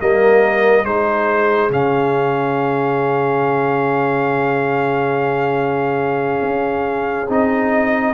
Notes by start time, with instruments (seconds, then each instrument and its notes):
0.00 tuba G3, trombone A#3, horn A#4, trumpet D#5
0.84 tuba G#3, trombone D#4, horn G#4, trumpet C5
1.70 tuba C#3, trombone C#4, trumpet F5
6.42 tuba C#4
7.28 tuba C4, trombone D#4, trumpet D#5